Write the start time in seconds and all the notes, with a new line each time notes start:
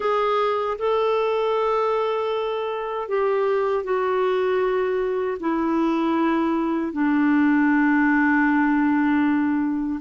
0.00 G#4
0.78 A4
3.08 G4
3.84 F#4
5.40 E4
6.92 D4